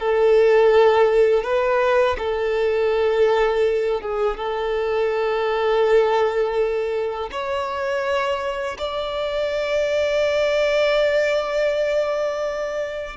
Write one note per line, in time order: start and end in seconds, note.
0.00 1.44 A4
1.44 2.17 B4
2.19 4.01 A4
4.01 4.37 G#4
4.37 7.30 A4
7.31 8.78 C#5
8.78 13.17 D5